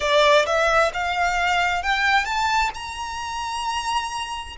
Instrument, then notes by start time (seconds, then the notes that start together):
violin
0.00 D5
0.45 E5
0.93 F5
1.82 G5
2.25 A5
2.74 A#5